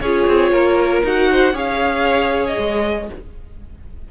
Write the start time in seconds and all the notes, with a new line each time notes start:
0.00 C#4 F4 G#4 C#5
0.27 C4
0.51 A#3 A#4
1.04 D#4 F#4 F#5
1.31 C5
1.52 C#4 G#4 C#5 F5
2.47 D#5
2.58 G#3